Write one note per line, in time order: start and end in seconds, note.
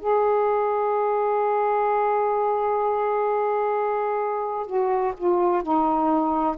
0.00 4.67 G#4
4.67 5.13 F#4
5.17 5.62 F4
5.62 6.56 D#4